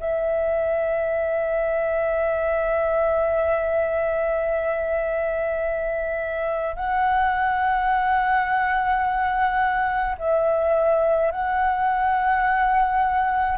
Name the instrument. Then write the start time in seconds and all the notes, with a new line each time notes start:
flute
0.00 E5
6.76 F#5
10.18 E5
11.32 F#5